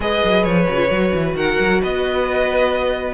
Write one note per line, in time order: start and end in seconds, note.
0.00 0.21 G#3
0.00 0.66 G#4
0.00 1.36 B4
0.00 0.43 D#5
0.24 0.45 F#3
0.43 0.67 F3
0.43 1.33 C#5
0.67 0.90 C#3
0.67 0.74 F#4
0.74 0.86 F4
0.90 1.13 F#3
0.90 3.13 F#4
1.14 1.34 E3
1.34 1.56 D#3
1.34 1.81 A#4
1.34 1.81 F#5
1.59 1.82 F#3
1.82 3.13 B3
1.82 3.13 B4
1.82 3.13 D#5